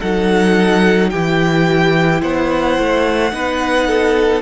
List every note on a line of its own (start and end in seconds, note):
0.00 1.14 F#3
0.00 1.13 D#4
0.00 1.11 A4
0.00 1.10 F#5
1.10 2.23 E3
1.10 3.31 E4
1.10 2.22 G4
1.10 2.21 G5
2.22 2.78 B3
2.22 3.33 C5
2.22 4.43 F#5
2.79 3.32 A3
3.31 4.43 B3
3.31 4.43 D#4
3.31 3.88 B4
3.88 4.43 A4